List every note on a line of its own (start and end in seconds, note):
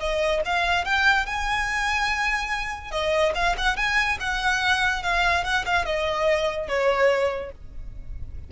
0.00 0.42 D#5
0.45 0.85 F5
0.85 1.26 G5
1.26 2.91 G#5
2.91 3.33 D#5
3.35 3.56 F5
3.58 3.77 F#5
3.77 4.18 G#5
4.20 5.03 F#5
5.03 5.45 F5
5.45 5.65 F#5
5.66 5.85 F5
5.85 6.68 D#5
6.68 7.52 C#5